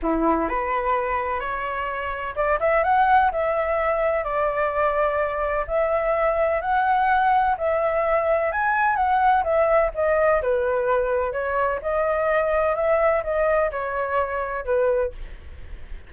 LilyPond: \new Staff \with { instrumentName = "flute" } { \time 4/4 \tempo 4 = 127 e'4 b'2 cis''4~ | cis''4 d''8 e''8 fis''4 e''4~ | e''4 d''2. | e''2 fis''2 |
e''2 gis''4 fis''4 | e''4 dis''4 b'2 | cis''4 dis''2 e''4 | dis''4 cis''2 b'4 | }